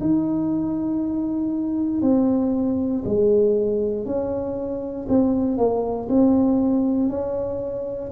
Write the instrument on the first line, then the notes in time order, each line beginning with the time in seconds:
tuba
0.00 D#4
2.01 C4
3.05 G#3
4.05 C#4
5.08 C4
5.57 A#3
6.08 C4
7.10 C#4